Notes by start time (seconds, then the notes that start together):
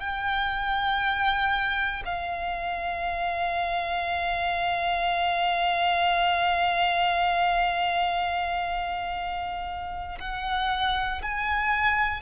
0.00 G5
2.05 F5
10.20 F#5
11.23 G#5